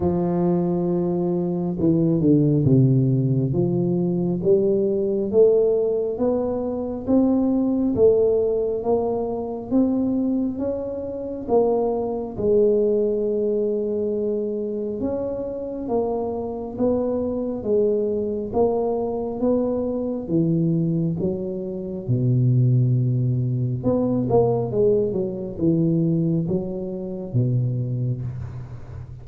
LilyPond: \new Staff \with { instrumentName = "tuba" } { \time 4/4 \tempo 4 = 68 f2 e8 d8 c4 | f4 g4 a4 b4 | c'4 a4 ais4 c'4 | cis'4 ais4 gis2~ |
gis4 cis'4 ais4 b4 | gis4 ais4 b4 e4 | fis4 b,2 b8 ais8 | gis8 fis8 e4 fis4 b,4 | }